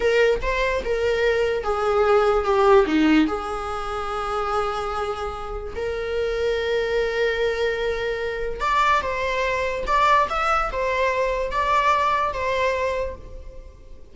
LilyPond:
\new Staff \with { instrumentName = "viola" } { \time 4/4 \tempo 4 = 146 ais'4 c''4 ais'2 | gis'2 g'4 dis'4 | gis'1~ | gis'2 ais'2~ |
ais'1~ | ais'4 d''4 c''2 | d''4 e''4 c''2 | d''2 c''2 | }